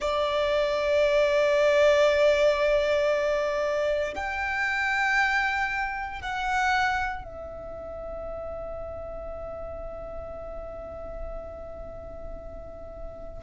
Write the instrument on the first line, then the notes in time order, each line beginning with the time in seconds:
violin
0.00 D5
4.14 G5
6.21 F#5
7.24 E5